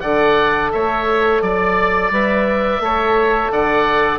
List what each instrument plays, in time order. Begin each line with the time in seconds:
0.00 bassoon D3, trombone A4, oboe D5 F#5
0.72 bassoon A3, oboe C#5 E5
1.42 bassoon F#3, oboe D5
2.10 bassoon G3, trombone B4, oboe E5
2.79 bassoon A3, trombone A4, oboe C#5
3.52 bassoon D3, oboe D5 F#5